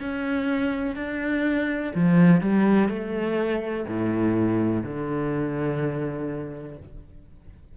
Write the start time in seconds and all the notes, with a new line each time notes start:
0.00 C#4
0.96 D4
1.95 F3
2.41 G3
2.89 A3
3.87 A2
4.83 D3